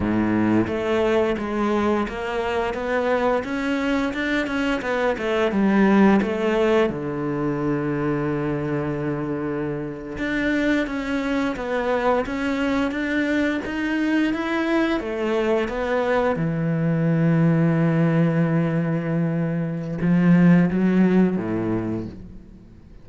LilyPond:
\new Staff \with { instrumentName = "cello" } { \time 4/4 \tempo 4 = 87 a,4 a4 gis4 ais4 | b4 cis'4 d'8 cis'8 b8 a8 | g4 a4 d2~ | d2~ d8. d'4 cis'16~ |
cis'8. b4 cis'4 d'4 dis'16~ | dis'8. e'4 a4 b4 e16~ | e1~ | e4 f4 fis4 a,4 | }